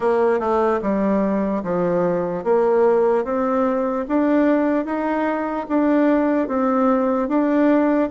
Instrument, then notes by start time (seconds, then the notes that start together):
bassoon
0.00 A#3
0.39 A3
0.81 G3
1.63 F3
2.44 A#3
3.24 C4
4.08 D4
4.85 D#4
5.68 D4
6.48 C4
7.28 D4